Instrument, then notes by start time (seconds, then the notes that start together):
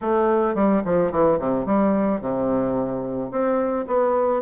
bassoon
0.01 A3
0.54 G3
0.84 F3
1.11 E3
1.39 C3
1.66 G3
2.20 C3
3.31 C4
3.87 B3